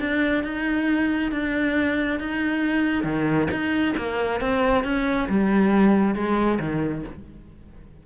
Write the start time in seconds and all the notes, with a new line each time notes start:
0.00 D4
0.44 D#4
1.32 D4
2.20 D#4
3.04 D#3
3.51 D#4
3.97 A#3
4.41 C4
4.84 C#4
5.29 G3
6.15 G#3
6.60 D#3